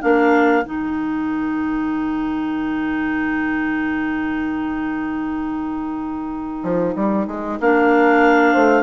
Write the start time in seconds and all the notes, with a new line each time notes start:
0.00 A#3 D4 A#4 F5
0.63 D#3 D#4 G5
6.63 F3
6.95 G3
7.27 G#3
7.60 A#3 D4 F5
8.52 A3 C5